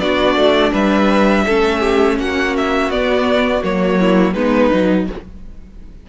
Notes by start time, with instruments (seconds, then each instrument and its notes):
0.00 cello B3, viola D4, violin F#4 D5
0.36 cello A3
0.72 cello G3, violin B4 E5
1.46 cello A3, viola C#4, violin A4
1.80 violin G4
2.19 cello A#3, violin F#4 F#5
2.57 violin E5
2.90 cello B3, viola B3, violin D5
3.63 cello F#3, viola A#3, violin C#5
3.99 violin E4
4.34 cello G#3, viola B3, violin D#4 B4
4.72 cello F#3, viola D#4